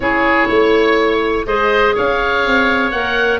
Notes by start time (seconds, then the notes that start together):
0.00 C#4 E4 G#4 C#5
0.48 A3 C#5
1.45 G#3 G#4 C5 D#5
1.94 C#4 C#5 F5
2.46 C4
2.91 A#3 A#4 F#5